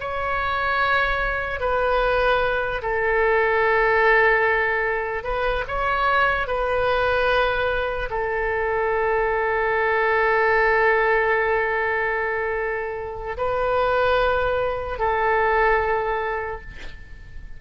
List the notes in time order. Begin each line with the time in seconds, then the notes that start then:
0.00 C#5
1.60 B4
2.82 A4
5.23 B4
5.68 C#5
6.47 B4
8.09 A4
13.37 B4
14.99 A4